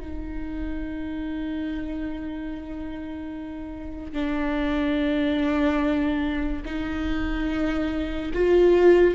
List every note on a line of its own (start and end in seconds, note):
0.00 4.13 D#4
4.13 6.63 D4
6.65 8.32 D#4
8.34 9.15 F4